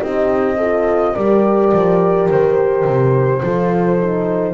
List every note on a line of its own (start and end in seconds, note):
0.00 1.15 C4
0.00 0.57 D#4
0.00 0.57 G4
0.00 1.16 D#5
0.57 1.16 F4
0.57 1.14 A4
1.14 1.73 G3
1.14 3.42 G4
1.14 3.40 A#4
1.14 2.29 D5
1.73 2.30 F3
2.31 2.85 D#3
2.31 4.55 C5
2.85 3.42 C3
3.42 4.55 F3
3.42 3.99 F4
3.42 4.55 A4
4.00 4.55 D#4